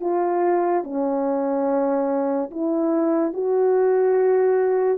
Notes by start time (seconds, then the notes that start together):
0.00 F4
0.83 C#4
2.50 E4
3.33 F#4